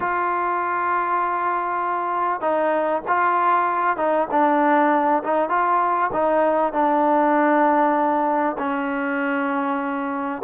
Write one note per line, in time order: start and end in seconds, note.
0.00 2.40 F4
2.40 3.02 D#4
3.08 3.96 F4
3.96 4.27 D#4
4.31 5.23 D4
5.23 5.49 D#4
5.49 6.10 F4
6.12 6.72 D#4
6.72 8.56 D4
8.58 10.42 C#4